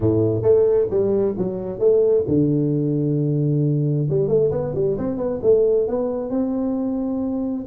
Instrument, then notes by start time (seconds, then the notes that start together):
tuba
0.00 A2
0.42 A3
0.90 G3
1.37 F#3
1.79 A3
2.27 D3
4.09 G3
4.28 A3
4.51 B3
4.74 G3
4.97 C4
5.17 B3
5.42 A3
5.87 B3
6.30 C4